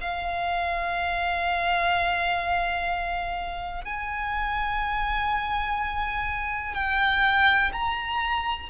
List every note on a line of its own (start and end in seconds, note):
0.00 3.84 F5
3.84 6.74 G#5
6.74 7.71 G5
7.72 8.69 A#5